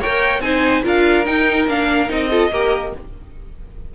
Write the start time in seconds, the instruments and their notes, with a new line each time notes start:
0.00 viola A#4, violin C#5 G5
0.06 cello A#3
0.40 cello C4, viola D#4, violin C5 G#5
0.83 cello D4, viola F4, violin A#4 F5
1.26 viola D#4, cello D#4, violin G5
1.68 cello A#3, viola D4, violin F5
2.08 cello C4, viola D#4, violin D#5
2.30 viola F4, violin A4
2.50 cello A#3, viola G4, violin A#4